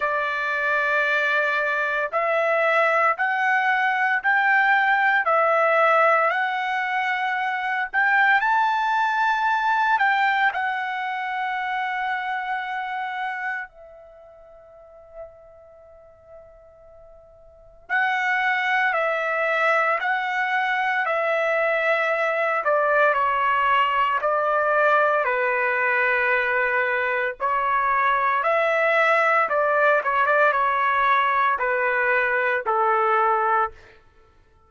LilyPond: \new Staff \with { instrumentName = "trumpet" } { \time 4/4 \tempo 4 = 57 d''2 e''4 fis''4 | g''4 e''4 fis''4. g''8 | a''4. g''8 fis''2~ | fis''4 e''2.~ |
e''4 fis''4 e''4 fis''4 | e''4. d''8 cis''4 d''4 | b'2 cis''4 e''4 | d''8 cis''16 d''16 cis''4 b'4 a'4 | }